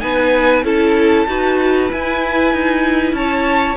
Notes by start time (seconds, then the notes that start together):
0.00 B3 D#4 B4 G#5
0.64 C#4 E4 A4 A5
1.27 D#4 F#4 B4
1.90 E4 G#5
2.53 D#4
3.13 C#4 C#5 A5